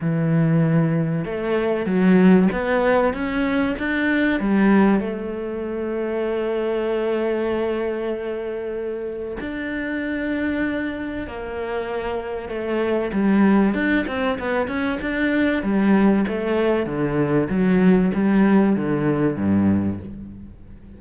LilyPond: \new Staff \with { instrumentName = "cello" } { \time 4/4 \tempo 4 = 96 e2 a4 fis4 | b4 cis'4 d'4 g4 | a1~ | a2. d'4~ |
d'2 ais2 | a4 g4 d'8 c'8 b8 cis'8 | d'4 g4 a4 d4 | fis4 g4 d4 g,4 | }